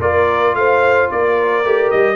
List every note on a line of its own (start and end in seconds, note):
0.00 0.55 A#3
0.00 1.65 F4
0.00 0.57 A#4
0.00 0.55 D5
0.55 1.09 A3
0.55 1.12 C5
0.55 1.10 F5
1.11 1.65 A#3
1.11 2.16 A#4
1.11 1.91 D5
1.65 1.92 A3
1.65 2.16 G4
1.91 2.16 G3
1.91 2.16 D#5